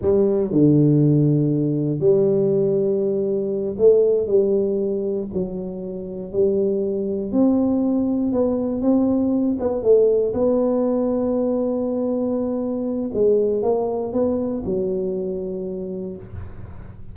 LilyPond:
\new Staff \with { instrumentName = "tuba" } { \time 4/4 \tempo 4 = 119 g4 d2. | g2.~ g8 a8~ | a8 g2 fis4.~ | fis8 g2 c'4.~ |
c'8 b4 c'4. b8 a8~ | a8 b2.~ b8~ | b2 gis4 ais4 | b4 fis2. | }